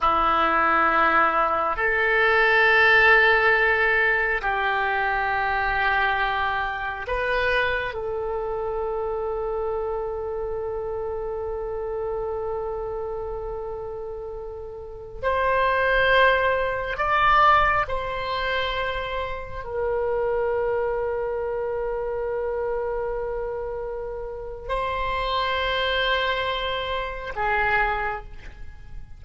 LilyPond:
\new Staff \with { instrumentName = "oboe" } { \time 4/4 \tempo 4 = 68 e'2 a'2~ | a'4 g'2. | b'4 a'2.~ | a'1~ |
a'4~ a'16 c''2 d''8.~ | d''16 c''2 ais'4.~ ais'16~ | ais'1 | c''2. gis'4 | }